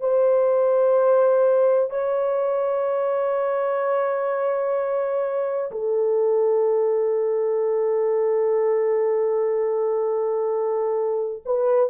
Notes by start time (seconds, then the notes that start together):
0.00 C5
1.90 C#5
5.71 A4
11.45 B4